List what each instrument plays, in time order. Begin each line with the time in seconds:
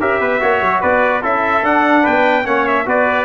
0.00 tuba C#4, trombone G4, trumpet A#4 E5
0.20 tuba B3, trumpet B4
0.40 tuba A#3, trombone F#4, trumpet C#5
0.61 tuba F#3
0.81 tuba B3, trumpet B4 D5
1.22 tuba C#4, trombone E4, trumpet A4 E5
1.63 tuba D4, trombone D4, trumpet F#5
2.03 tuba B3, trumpet B4 G5
2.44 tuba A#3, trombone C#4, trumpet C#5 F#5
2.67 trumpet E5
2.85 tuba B3, trombone F#4, trumpet B4 D5